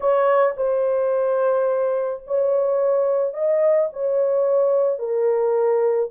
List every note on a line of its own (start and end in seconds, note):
0.00 0.54 C#5
0.56 2.23 C5
2.26 3.33 C#5
3.33 3.89 D#5
3.92 4.98 C#5
4.98 6.09 A#4